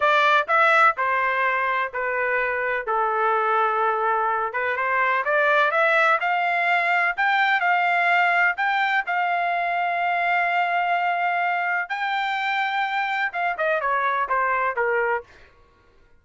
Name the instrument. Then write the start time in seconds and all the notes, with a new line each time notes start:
trumpet
0.00 D5
0.47 E5
0.97 C5
1.93 B4
2.86 A4
4.52 B4
4.76 C5
5.24 D5
5.71 E5
6.20 F5
7.16 G5
7.60 F5
8.56 G5
9.06 F5
11.89 G5
13.32 F5
13.57 D#5
13.81 C#5
14.28 C5
14.76 A#4